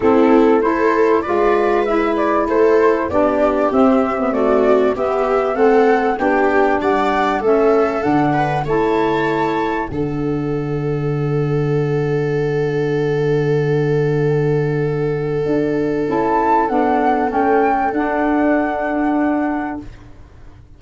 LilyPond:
<<
  \new Staff \with { instrumentName = "flute" } { \time 4/4 \tempo 4 = 97 a'4 c''4 d''4 e''8 d''8 | c''4 d''4 e''4 d''4 | e''4 fis''4 g''4 fis''4 | e''4 fis''4 a''2 |
fis''1~ | fis''1~ | fis''2 a''4 fis''4 | g''4 fis''2. | }
  \new Staff \with { instrumentName = "viola" } { \time 4/4 e'4 a'4 b'2 | a'4 g'2 fis'4 | g'4 a'4 g'4 d''4 | a'4. b'8 cis''2 |
a'1~ | a'1~ | a'1~ | a'1 | }
  \new Staff \with { instrumentName = "saxophone" } { \time 4/4 c'4 e'4 f'4 e'4~ | e'4 d'4 c'8. b16 a4 | b4 c'4 d'2 | cis'4 d'4 e'2 |
d'1~ | d'1~ | d'2 e'4 d'4 | cis'4 d'2. | }
  \new Staff \with { instrumentName = "tuba" } { \time 4/4 a2 gis2 | a4 b4 c'2 | b4 a4 b4 g4 | a4 d4 a2 |
d1~ | d1~ | d4 d'4 cis'4 b4 | a4 d'2. | }
>>